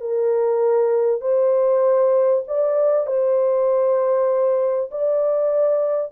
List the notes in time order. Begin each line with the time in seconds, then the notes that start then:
0.00 A#4
1.21 C5
2.47 D5
3.06 C5
4.90 D5